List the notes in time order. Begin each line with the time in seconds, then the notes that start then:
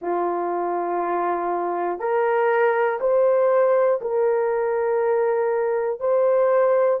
0.01 F4
1.99 A#4
3.00 C5
4.00 A#4
6.00 C5